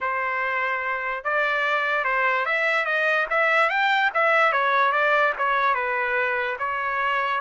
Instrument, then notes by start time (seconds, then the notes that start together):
trumpet
0.01 C5
1.24 D5
2.04 C5
2.45 E5
2.85 D#5
3.30 E5
3.69 G5
4.14 E5
4.52 C#5
4.92 D5
5.38 C#5
5.74 B4
6.58 C#5